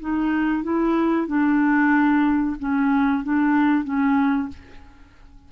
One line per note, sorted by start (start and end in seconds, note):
0.00 0.63 D#4
0.63 1.27 E4
1.27 2.56 D4
2.59 3.24 C#4
3.24 3.84 D4
3.84 4.48 C#4